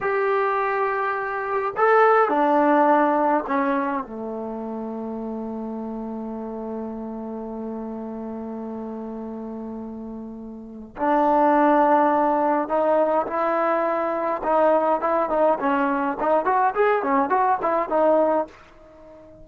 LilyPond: \new Staff \with { instrumentName = "trombone" } { \time 4/4 \tempo 4 = 104 g'2. a'4 | d'2 cis'4 a4~ | a1~ | a1~ |
a2. d'4~ | d'2 dis'4 e'4~ | e'4 dis'4 e'8 dis'8 cis'4 | dis'8 fis'8 gis'8 cis'8 fis'8 e'8 dis'4 | }